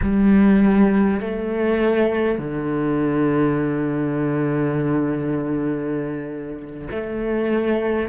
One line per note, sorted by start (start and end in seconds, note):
0.02 1.20 G3
1.20 2.38 A3
2.38 6.88 D3
6.91 8.08 A3